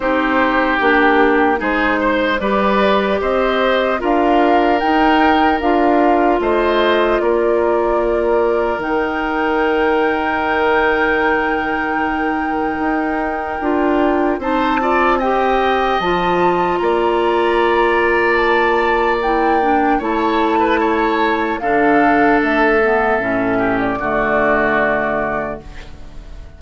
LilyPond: <<
  \new Staff \with { instrumentName = "flute" } { \time 4/4 \tempo 4 = 75 c''4 g'4 c''4 d''4 | dis''4 f''4 g''4 f''4 | dis''4 d''2 g''4~ | g''1~ |
g''2 a''4 g''4 | a''4 ais''2 a''4 | g''4 a''2 f''4 | e''4.~ e''16 d''2~ d''16 | }
  \new Staff \with { instrumentName = "oboe" } { \time 4/4 g'2 gis'8 c''8 b'4 | c''4 ais'2. | c''4 ais'2.~ | ais'1~ |
ais'2 c''8 d''8 dis''4~ | dis''4 d''2.~ | d''4 cis''8. b'16 cis''4 a'4~ | a'4. g'8 fis'2 | }
  \new Staff \with { instrumentName = "clarinet" } { \time 4/4 dis'4 d'4 dis'4 g'4~ | g'4 f'4 dis'4 f'4~ | f'2. dis'4~ | dis'1~ |
dis'4 f'4 dis'8 f'8 g'4 | f'1 | e'8 d'8 e'2 d'4~ | d'8 b8 cis'4 a2 | }
  \new Staff \with { instrumentName = "bassoon" } { \time 4/4 c'4 ais4 gis4 g4 | c'4 d'4 dis'4 d'4 | a4 ais2 dis4~ | dis1 |
dis'4 d'4 c'2 | f4 ais2.~ | ais4 a2 d4 | a4 a,4 d2 | }
>>